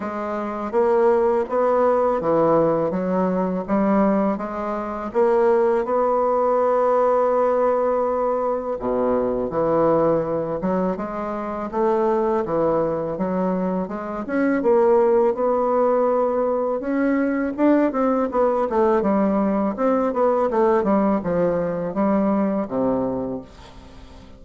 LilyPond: \new Staff \with { instrumentName = "bassoon" } { \time 4/4 \tempo 4 = 82 gis4 ais4 b4 e4 | fis4 g4 gis4 ais4 | b1 | b,4 e4. fis8 gis4 |
a4 e4 fis4 gis8 cis'8 | ais4 b2 cis'4 | d'8 c'8 b8 a8 g4 c'8 b8 | a8 g8 f4 g4 c4 | }